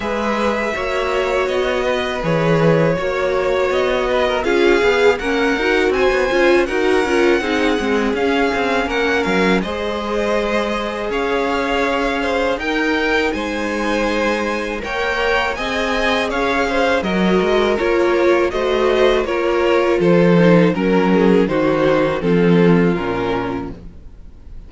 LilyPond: <<
  \new Staff \with { instrumentName = "violin" } { \time 4/4 \tempo 4 = 81 e''2 dis''4 cis''4~ | cis''4 dis''4 f''4 fis''4 | gis''4 fis''2 f''4 | fis''8 f''8 dis''2 f''4~ |
f''4 g''4 gis''2 | g''4 gis''4 f''4 dis''4 | cis''4 dis''4 cis''4 c''4 | ais'4 c''4 a'4 ais'4 | }
  \new Staff \with { instrumentName = "violin" } { \time 4/4 b'4 cis''4. b'4. | cis''4. b'16 ais'16 gis'4 ais'4 | c''4 ais'4 gis'2 | ais'4 c''2 cis''4~ |
cis''8 c''8 ais'4 c''2 | cis''4 dis''4 cis''8 c''8 ais'4~ | ais'4 c''4 ais'4 a'4 | ais'8 gis'8 fis'4 f'2 | }
  \new Staff \with { instrumentName = "viola" } { \time 4/4 gis'4 fis'2 gis'4 | fis'2 f'8 gis'8 cis'8 fis'8~ | fis'8 f'8 fis'8 f'8 dis'8 c'8 cis'4~ | cis'4 gis'2.~ |
gis'4 dis'2. | ais'4 gis'2 fis'4 | f'4 fis'4 f'4. dis'8 | cis'4 dis'4 c'4 cis'4 | }
  \new Staff \with { instrumentName = "cello" } { \time 4/4 gis4 ais4 b4 e4 | ais4 b4 cis'8 b8 ais8 dis'8 | c'16 b16 cis'8 dis'8 cis'8 c'8 gis8 cis'8 c'8 | ais8 fis8 gis2 cis'4~ |
cis'4 dis'4 gis2 | ais4 c'4 cis'4 fis8 gis8 | ais4 a4 ais4 f4 | fis4 dis4 f4 ais,4 | }
>>